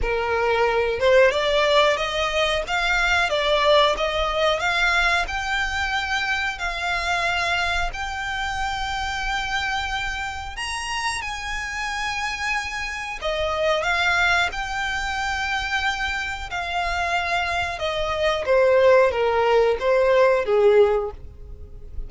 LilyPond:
\new Staff \with { instrumentName = "violin" } { \time 4/4 \tempo 4 = 91 ais'4. c''8 d''4 dis''4 | f''4 d''4 dis''4 f''4 | g''2 f''2 | g''1 |
ais''4 gis''2. | dis''4 f''4 g''2~ | g''4 f''2 dis''4 | c''4 ais'4 c''4 gis'4 | }